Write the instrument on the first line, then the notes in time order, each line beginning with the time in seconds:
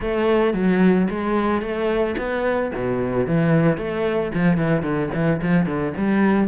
cello
0.00 A3
0.53 F#3
1.10 G#3
1.61 A3
2.17 B3
2.74 B2
3.26 E3
3.77 A3
4.34 F3
4.57 E3
4.82 D3
5.14 E3
5.42 F3
5.66 D3
5.97 G3